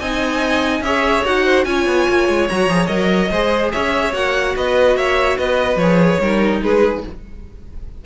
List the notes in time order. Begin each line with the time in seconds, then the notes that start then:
0.00 C4 D#4 D#5 G#5
0.81 C#4 G#4 C#5 E5
1.25 D#4 F#4 F#5
1.45 C5
1.64 C#4 F4 C#5 G#5
1.87 B3
2.09 A#3
2.29 G#3
2.49 F#3 F#4 A#5
2.67 F3 G#4
2.87 F#3 A#4 D#5
3.31 G#3 G#4 C5
3.73 C#4 C#5 E5
4.13 A#3 F#4 F#5
4.56 B3 B4 D#5
4.96 A#3 C#5 E5
5.38 B3 B4 D#5
5.76 F3 C#5
5.82 G#4
6.20 G3 D#4 A#4
6.63 G#3 G#4 B4